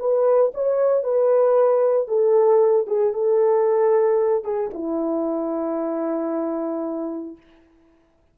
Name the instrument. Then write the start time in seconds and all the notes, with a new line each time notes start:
horn
0.00 B4
0.55 C#5
1.04 B4
2.08 A4
2.87 G#4
3.14 A4
4.44 G#4
4.74 E4